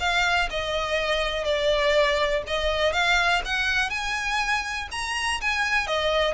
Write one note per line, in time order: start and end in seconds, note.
0.00 0.49 F5
0.51 1.45 D#5
1.45 2.43 D5
2.47 2.93 D#5
2.93 3.42 F5
3.45 3.90 F#5
3.90 4.89 G#5
4.92 5.41 A#5
5.41 5.87 G#5
5.87 6.34 D#5